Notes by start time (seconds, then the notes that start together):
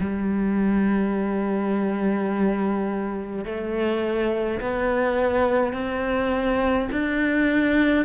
0.00 G3
3.45 A3
4.60 B3
5.73 C4
6.92 D4